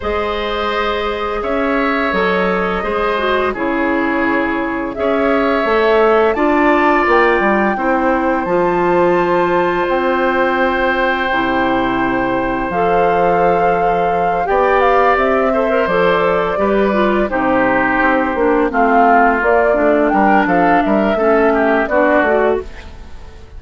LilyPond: <<
  \new Staff \with { instrumentName = "flute" } { \time 4/4 \tempo 4 = 85 dis''2 e''4 dis''4~ | dis''4 cis''2 e''4~ | e''4 a''4 g''2 | a''2 g''2~ |
g''2 f''2~ | f''8 g''8 f''8 e''4 d''4.~ | d''8 c''2 f''4 d''8~ | d''8 g''8 f''8 e''4. d''4 | }
  \new Staff \with { instrumentName = "oboe" } { \time 4/4 c''2 cis''2 | c''4 gis'2 cis''4~ | cis''4 d''2 c''4~ | c''1~ |
c''1~ | c''8 d''4. c''4. b'8~ | b'8 g'2 f'4.~ | f'8 ais'8 a'8 ais'8 a'8 g'8 fis'4 | }
  \new Staff \with { instrumentName = "clarinet" } { \time 4/4 gis'2. a'4 | gis'8 fis'8 e'2 gis'4 | a'4 f'2 e'4 | f'1 |
e'2 a'2~ | a'8 g'4. a'16 ais'16 a'4 g'8 | f'8 dis'4. d'8 c'4 ais8 | d'2 cis'4 d'8 fis'8 | }
  \new Staff \with { instrumentName = "bassoon" } { \time 4/4 gis2 cis'4 fis4 | gis4 cis2 cis'4 | a4 d'4 ais8 g8 c'4 | f2 c'2 |
c2 f2~ | f8 b4 c'4 f4 g8~ | g8 c4 c'8 ais8 a4 ais8 | a8 g8 f8 g8 a4 b8 a8 | }
>>